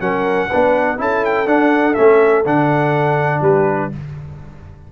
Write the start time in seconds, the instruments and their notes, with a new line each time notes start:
0.00 tuba F#3, trombone C#4, horn A#4, trumpet F#5
0.49 tuba B3, trombone D4, horn B4
0.97 tuba C#4, trombone E4, horn A4, trumpet A5
1.24 trumpet G5
1.46 trombone D4, tuba D4, trumpet F#5
1.94 tuba A3, trombone C#4, trumpet E5
2.46 tuba D3, trombone D4, trumpet F#5
3.40 tuba G3, horn G4, trumpet B4